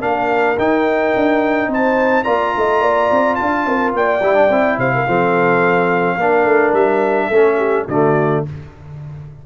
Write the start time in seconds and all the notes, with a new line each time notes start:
0.00 A#3 D4 A#4 F5
0.58 D#4 G5
1.16 D4
1.68 C4 C5 A5
2.24 A#3 F4 D5 A#5
2.57 A3 D#5
2.82 A#3 D5
3.11 C4
3.35 F5 A5
3.41 D4
3.65 C4 A#4
3.93 A#3 D5 G5
4.22 G3 E4
4.34 D4
4.50 C4 E4
4.78 C3 C5 F5
4.95 A#4
5.07 F3 C4 A4
6.17 A#3 D4 A#4
6.45 A3
6.73 G3 E5
7.28 A3 C#4 A4
7.58 G4
7.88 D3 A3 F#4 D5